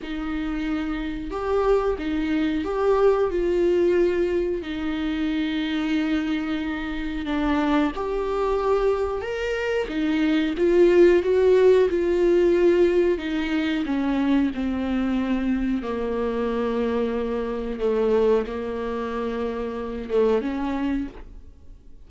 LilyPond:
\new Staff \with { instrumentName = "viola" } { \time 4/4 \tempo 4 = 91 dis'2 g'4 dis'4 | g'4 f'2 dis'4~ | dis'2. d'4 | g'2 ais'4 dis'4 |
f'4 fis'4 f'2 | dis'4 cis'4 c'2 | ais2. a4 | ais2~ ais8 a8 cis'4 | }